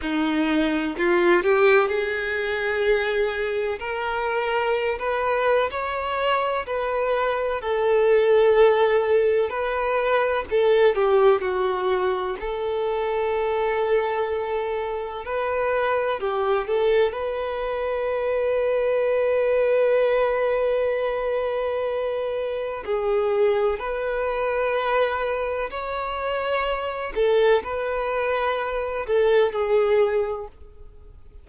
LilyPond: \new Staff \with { instrumentName = "violin" } { \time 4/4 \tempo 4 = 63 dis'4 f'8 g'8 gis'2 | ais'4~ ais'16 b'8. cis''4 b'4 | a'2 b'4 a'8 g'8 | fis'4 a'2. |
b'4 g'8 a'8 b'2~ | b'1 | gis'4 b'2 cis''4~ | cis''8 a'8 b'4. a'8 gis'4 | }